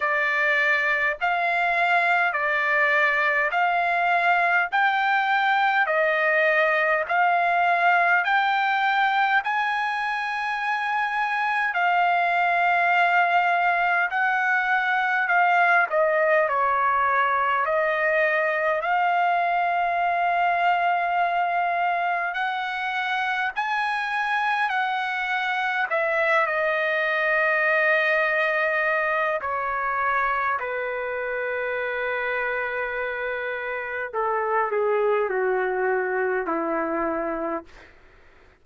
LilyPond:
\new Staff \with { instrumentName = "trumpet" } { \time 4/4 \tempo 4 = 51 d''4 f''4 d''4 f''4 | g''4 dis''4 f''4 g''4 | gis''2 f''2 | fis''4 f''8 dis''8 cis''4 dis''4 |
f''2. fis''4 | gis''4 fis''4 e''8 dis''4.~ | dis''4 cis''4 b'2~ | b'4 a'8 gis'8 fis'4 e'4 | }